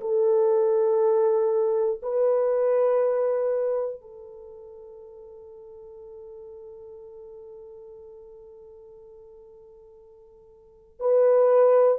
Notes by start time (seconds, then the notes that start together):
0.00 A4
2.02 B4
4.01 A4
11.00 B4